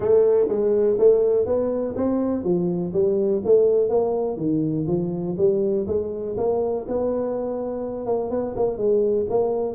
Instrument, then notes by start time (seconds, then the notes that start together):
tuba
0.00 A3
0.48 G#3
0.98 A3
1.46 B3
1.95 C4
2.43 F3
2.93 G3
3.44 A3
3.89 A#3
4.36 D#3
4.87 F3
5.37 G3
5.87 G#3
6.37 A#3
6.88 B3
8.06 A#3
8.30 B3
8.56 A#3
8.77 G#3
9.29 A#3